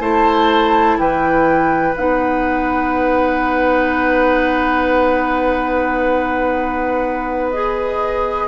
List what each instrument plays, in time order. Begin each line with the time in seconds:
0.00 bassoon A3, clarinet E4, oboe C5, flute A5
0.99 bassoon E3, oboe B4, flute G5
1.96 bassoon B3, clarinet D#4, flute F#5
7.51 clarinet G#4, flute D#5